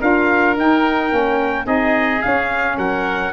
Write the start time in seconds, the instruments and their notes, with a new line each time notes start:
0.00 tuba D4, saxophone F4, oboe A#4, trumpet F5
0.57 tuba D#4, saxophone D#4, trumpet G5
1.10 tuba A#3, saxophone C#4
1.64 tuba C4, saxophone D#4, oboe G#4, trumpet D#5
2.21 saxophone C#4, tuba C#4, trumpet F5
2.77 tuba F#3, oboe A#4, trumpet F#5